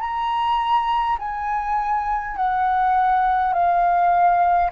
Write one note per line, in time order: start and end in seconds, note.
0.00 1.18 A#5
1.19 2.37 G#5
2.37 3.53 F#5
3.53 4.71 F5